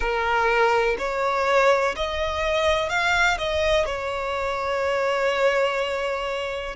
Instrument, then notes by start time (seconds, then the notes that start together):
violin
0.00 A#4
0.98 C#5
1.96 D#5
2.89 F5
3.37 D#5
3.85 C#5